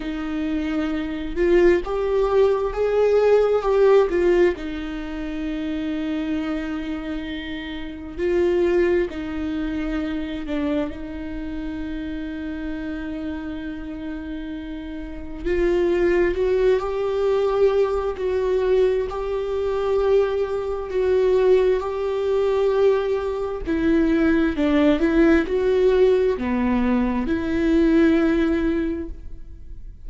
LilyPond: \new Staff \with { instrumentName = "viola" } { \time 4/4 \tempo 4 = 66 dis'4. f'8 g'4 gis'4 | g'8 f'8 dis'2.~ | dis'4 f'4 dis'4. d'8 | dis'1~ |
dis'4 f'4 fis'8 g'4. | fis'4 g'2 fis'4 | g'2 e'4 d'8 e'8 | fis'4 b4 e'2 | }